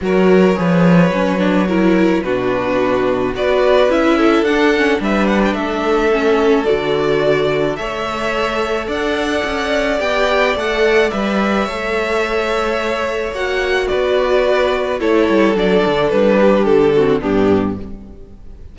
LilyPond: <<
  \new Staff \with { instrumentName = "violin" } { \time 4/4 \tempo 4 = 108 cis''1 | b'2 d''4 e''4 | fis''4 e''8 fis''16 g''16 e''2 | d''2 e''2 |
fis''2 g''4 fis''4 | e''1 | fis''4 d''2 cis''4 | d''4 b'4 a'4 g'4 | }
  \new Staff \with { instrumentName = "violin" } { \time 4/4 ais'4 b'2 ais'4 | fis'2 b'4. a'8~ | a'4 b'4 a'2~ | a'2 cis''2 |
d''1~ | d''4 cis''2.~ | cis''4 b'2 a'4~ | a'4. g'4 fis'8 d'4 | }
  \new Staff \with { instrumentName = "viola" } { \time 4/4 fis'4 gis'4 cis'8 d'8 e'4 | d'2 fis'4 e'4 | d'8 cis'8 d'2 cis'4 | fis'2 a'2~ |
a'2 g'4 a'4 | b'4 a'2. | fis'2. e'4 | d'2~ d'8 c'8 b4 | }
  \new Staff \with { instrumentName = "cello" } { \time 4/4 fis4 f4 fis2 | b,2 b4 cis'4 | d'4 g4 a2 | d2 a2 |
d'4 cis'4 b4 a4 | g4 a2. | ais4 b2 a8 g8 | fis8 d8 g4 d4 g,4 | }
>>